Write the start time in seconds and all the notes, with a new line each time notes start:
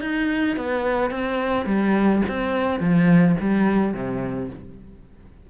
0.00 D#4
0.56 B3
1.10 C4
1.65 G3
2.28 C4
2.79 F3
3.40 G3
3.93 C3